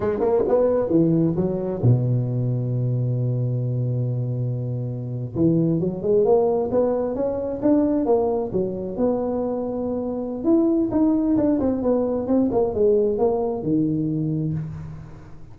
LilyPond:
\new Staff \with { instrumentName = "tuba" } { \time 4/4 \tempo 4 = 132 gis8 ais8 b4 e4 fis4 | b,1~ | b,2.~ b,8. e16~ | e8. fis8 gis8 ais4 b4 cis'16~ |
cis'8. d'4 ais4 fis4 b16~ | b2. e'4 | dis'4 d'8 c'8 b4 c'8 ais8 | gis4 ais4 dis2 | }